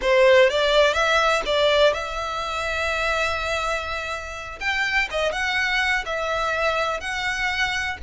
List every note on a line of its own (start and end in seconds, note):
0.01 0.49 C5
0.49 0.93 D5
0.93 1.42 E5
1.45 1.93 D5
1.93 4.59 E5
4.60 5.08 G5
5.10 5.31 D#5
5.31 6.04 F#5
6.05 7.00 E5
7.00 7.97 F#5